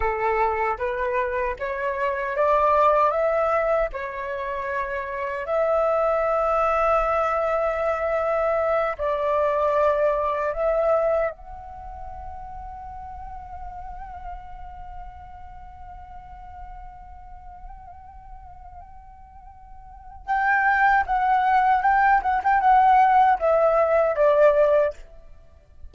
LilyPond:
\new Staff \with { instrumentName = "flute" } { \time 4/4 \tempo 4 = 77 a'4 b'4 cis''4 d''4 | e''4 cis''2 e''4~ | e''2.~ e''8 d''8~ | d''4. e''4 fis''4.~ |
fis''1~ | fis''1~ | fis''2 g''4 fis''4 | g''8 fis''16 g''16 fis''4 e''4 d''4 | }